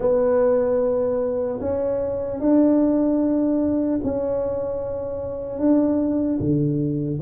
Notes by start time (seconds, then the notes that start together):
0.00 B3
1.60 C#4
2.40 D4
4.03 C#4
5.59 D4
6.39 D3